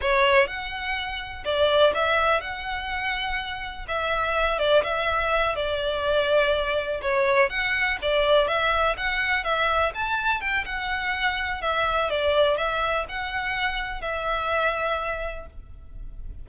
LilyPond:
\new Staff \with { instrumentName = "violin" } { \time 4/4 \tempo 4 = 124 cis''4 fis''2 d''4 | e''4 fis''2. | e''4. d''8 e''4. d''8~ | d''2~ d''8 cis''4 fis''8~ |
fis''8 d''4 e''4 fis''4 e''8~ | e''8 a''4 g''8 fis''2 | e''4 d''4 e''4 fis''4~ | fis''4 e''2. | }